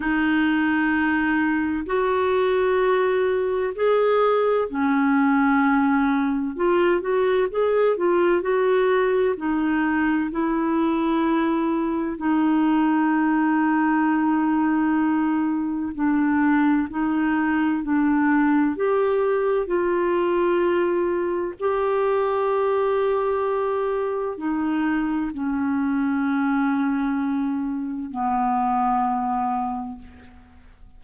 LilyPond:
\new Staff \with { instrumentName = "clarinet" } { \time 4/4 \tempo 4 = 64 dis'2 fis'2 | gis'4 cis'2 f'8 fis'8 | gis'8 f'8 fis'4 dis'4 e'4~ | e'4 dis'2.~ |
dis'4 d'4 dis'4 d'4 | g'4 f'2 g'4~ | g'2 dis'4 cis'4~ | cis'2 b2 | }